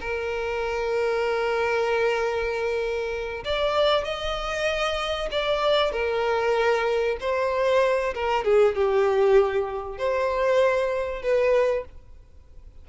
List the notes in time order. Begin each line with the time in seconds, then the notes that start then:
0.00 A#4
3.44 D5
4.04 D#5
5.31 D5
5.92 A#4
7.20 C5
8.14 A#4
8.44 G#4
8.75 G4
9.98 C5
11.22 B4